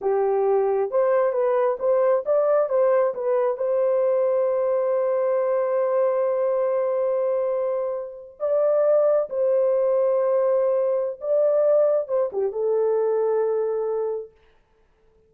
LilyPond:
\new Staff \with { instrumentName = "horn" } { \time 4/4 \tempo 4 = 134 g'2 c''4 b'4 | c''4 d''4 c''4 b'4 | c''1~ | c''1~ |
c''2~ c''8. d''4~ d''16~ | d''8. c''2.~ c''16~ | c''4 d''2 c''8 g'8 | a'1 | }